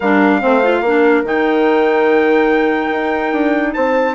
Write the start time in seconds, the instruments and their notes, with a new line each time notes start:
0.00 bassoon G3, clarinet D4, horn A#4, trumpet F5
0.41 bassoon A3, clarinet C4, horn C5
0.63 clarinet F4
0.81 bassoon A#3, clarinet D4, horn A#4
1.24 bassoon D#3, clarinet D#4, trumpet G5
2.91 bassoon D#4
3.32 bassoon D4
3.73 bassoon C4, horn C5, trumpet A5